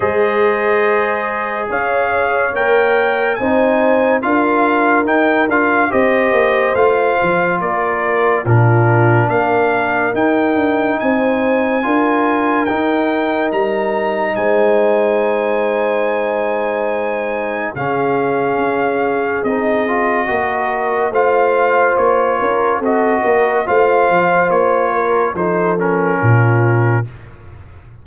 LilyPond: <<
  \new Staff \with { instrumentName = "trumpet" } { \time 4/4 \tempo 4 = 71 dis''2 f''4 g''4 | gis''4 f''4 g''8 f''8 dis''4 | f''4 d''4 ais'4 f''4 | g''4 gis''2 g''4 |
ais''4 gis''2.~ | gis''4 f''2 dis''4~ | dis''4 f''4 cis''4 dis''4 | f''4 cis''4 c''8 ais'4. | }
  \new Staff \with { instrumentName = "horn" } { \time 4/4 c''2 cis''2 | c''4 ais'2 c''4~ | c''4 ais'4 f'4 ais'4~ | ais'4 c''4 ais'2~ |
ais'4 c''2.~ | c''4 gis'2. | ais'4 c''4. ais'8 a'8 ais'8 | c''4. ais'8 a'4 f'4 | }
  \new Staff \with { instrumentName = "trombone" } { \time 4/4 gis'2. ais'4 | dis'4 f'4 dis'8 f'8 g'4 | f'2 d'2 | dis'2 f'4 dis'4~ |
dis'1~ | dis'4 cis'2 dis'8 f'8 | fis'4 f'2 fis'4 | f'2 dis'8 cis'4. | }
  \new Staff \with { instrumentName = "tuba" } { \time 4/4 gis2 cis'4 ais4 | c'4 d'4 dis'8 d'8 c'8 ais8 | a8 f8 ais4 ais,4 ais4 | dis'8 d'8 c'4 d'4 dis'4 |
g4 gis2.~ | gis4 cis4 cis'4 c'4 | ais4 a4 ais8 cis'8 c'8 ais8 | a8 f8 ais4 f4 ais,4 | }
>>